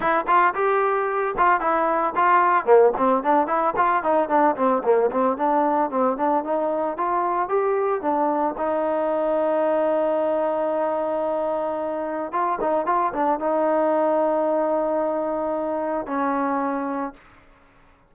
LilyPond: \new Staff \with { instrumentName = "trombone" } { \time 4/4 \tempo 4 = 112 e'8 f'8 g'4. f'8 e'4 | f'4 ais8 c'8 d'8 e'8 f'8 dis'8 | d'8 c'8 ais8 c'8 d'4 c'8 d'8 | dis'4 f'4 g'4 d'4 |
dis'1~ | dis'2. f'8 dis'8 | f'8 d'8 dis'2.~ | dis'2 cis'2 | }